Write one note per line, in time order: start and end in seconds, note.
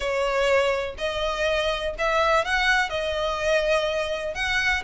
0.00 0.95 C#5
0.98 1.94 D#5
1.98 2.44 E5
2.44 2.89 F#5
2.89 4.34 D#5
4.34 4.82 F#5